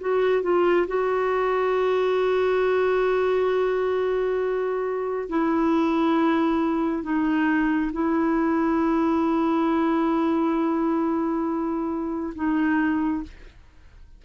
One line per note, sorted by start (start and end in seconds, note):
0.00 0.42 F#4
0.42 0.86 F4
0.87 5.29 F#4
5.29 7.03 E4
7.03 7.91 D#4
7.93 12.34 E4
12.34 13.23 D#4